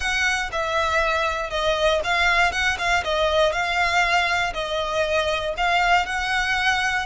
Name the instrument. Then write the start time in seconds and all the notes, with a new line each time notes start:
violin
0.00 F#5
0.52 E5
1.50 D#5
2.04 F5
2.51 F#5
2.78 F5
3.04 D#5
3.52 F5
4.53 D#5
5.57 F5
6.06 F#5